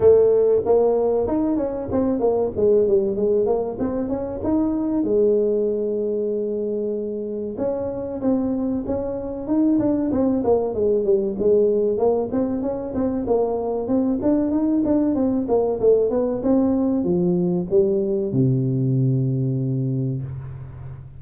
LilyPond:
\new Staff \with { instrumentName = "tuba" } { \time 4/4 \tempo 4 = 95 a4 ais4 dis'8 cis'8 c'8 ais8 | gis8 g8 gis8 ais8 c'8 cis'8 dis'4 | gis1 | cis'4 c'4 cis'4 dis'8 d'8 |
c'8 ais8 gis8 g8 gis4 ais8 c'8 | cis'8 c'8 ais4 c'8 d'8 dis'8 d'8 | c'8 ais8 a8 b8 c'4 f4 | g4 c2. | }